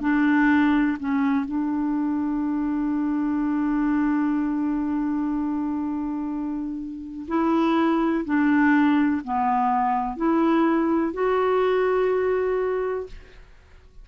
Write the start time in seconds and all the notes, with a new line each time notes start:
0.00 D4
0.99 C#4
1.45 D4
7.27 E4
8.24 D4
9.24 B3
10.16 E4
11.13 F#4